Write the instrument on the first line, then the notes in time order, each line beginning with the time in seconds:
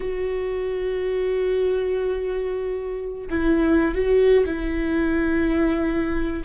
viola
0.00 F#4
3.30 E4
3.94 F#4
4.45 E4